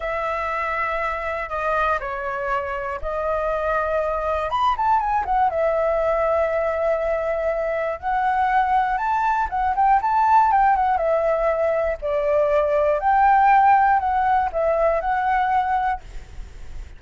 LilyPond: \new Staff \with { instrumentName = "flute" } { \time 4/4 \tempo 4 = 120 e''2. dis''4 | cis''2 dis''2~ | dis''4 b''8 a''8 gis''8 fis''8 e''4~ | e''1 |
fis''2 a''4 fis''8 g''8 | a''4 g''8 fis''8 e''2 | d''2 g''2 | fis''4 e''4 fis''2 | }